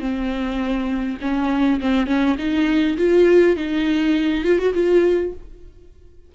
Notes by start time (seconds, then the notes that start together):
0.00 C4
1.21 C#4
1.80 C4
2.07 C#4
2.38 D#4
2.97 F4
3.56 D#4
4.44 F4
4.59 F#4
4.74 F4